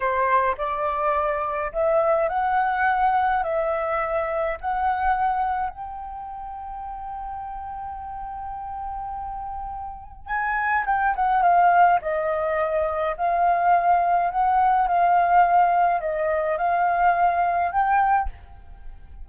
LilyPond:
\new Staff \with { instrumentName = "flute" } { \time 4/4 \tempo 4 = 105 c''4 d''2 e''4 | fis''2 e''2 | fis''2 g''2~ | g''1~ |
g''2 gis''4 g''8 fis''8 | f''4 dis''2 f''4~ | f''4 fis''4 f''2 | dis''4 f''2 g''4 | }